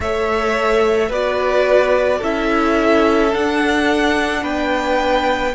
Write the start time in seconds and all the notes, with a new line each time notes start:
0.00 A3 A4 C#5 E5
1.09 B3 F#4 B4 D5
2.18 C#4 E4 A4 E5
3.31 D4 F#5
4.42 B3 B4 G5